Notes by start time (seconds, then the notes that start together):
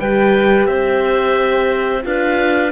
0.00 G3 G4 B4 G5
0.67 C4 C5 E5
2.03 D4 F4 B4 F5